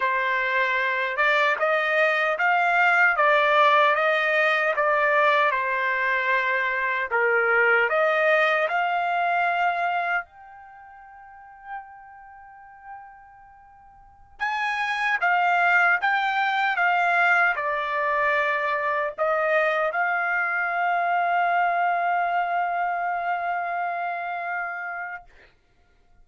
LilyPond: \new Staff \with { instrumentName = "trumpet" } { \time 4/4 \tempo 4 = 76 c''4. d''8 dis''4 f''4 | d''4 dis''4 d''4 c''4~ | c''4 ais'4 dis''4 f''4~ | f''4 g''2.~ |
g''2~ g''16 gis''4 f''8.~ | f''16 g''4 f''4 d''4.~ d''16~ | d''16 dis''4 f''2~ f''8.~ | f''1 | }